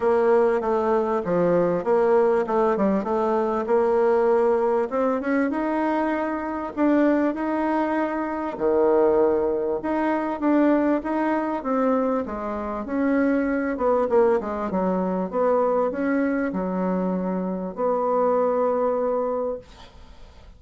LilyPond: \new Staff \with { instrumentName = "bassoon" } { \time 4/4 \tempo 4 = 98 ais4 a4 f4 ais4 | a8 g8 a4 ais2 | c'8 cis'8 dis'2 d'4 | dis'2 dis2 |
dis'4 d'4 dis'4 c'4 | gis4 cis'4. b8 ais8 gis8 | fis4 b4 cis'4 fis4~ | fis4 b2. | }